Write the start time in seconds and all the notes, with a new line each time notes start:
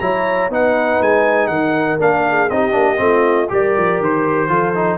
0.00 F#3 E4 C#5 A#5
0.50 B3 D#4 B4 F#5
1.01 G#3 G#5
1.48 D#3 A#4 F#5
1.99 A#3 D4 F5
2.29 G#4
2.50 C4 D#4 G4 D#5
2.71 A#3 D4
2.98 A3 C4 F4
3.49 G3 G4 A#4 D5
3.77 F3
4.00 D#3 C5
4.49 F3 F4 A4
4.75 D#4